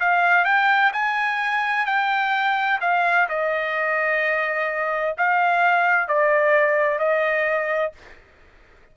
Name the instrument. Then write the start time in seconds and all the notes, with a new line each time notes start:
trumpet
0.00 F5
0.45 G5
0.93 G#5
1.86 G5
2.81 F5
3.29 D#5
5.18 F5
6.08 D5
6.99 D#5